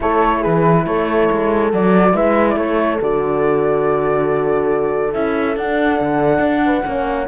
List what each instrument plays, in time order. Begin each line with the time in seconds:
0.00 cello A3, horn E4 A4, flute C#5
0.40 horn G#4, flute B4
0.46 cello E3
0.86 cello A3, horn A4, flute C#5
1.31 cello G#3
1.72 cello F#3, horn F#4, flute D5
2.12 cello G#3, horn E4 B4, flute E5
2.49 flute D5
2.56 cello A3, horn A4, flute C#5
3.01 cello D3, horn F#4, flute D5
5.13 cello C#4, horn E4, flute E5
5.56 cello D4, horn D4, flute F#5
6.00 cello D3
6.38 cello D4
6.65 horn B4
6.84 cello A#3, horn C#4 C#5